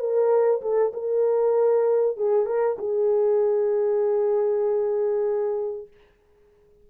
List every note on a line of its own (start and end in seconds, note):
0.00 0.62 A#4
0.62 0.93 A4
0.94 2.17 A#4
2.17 2.46 G#4
2.46 2.77 A#4
2.79 5.88 G#4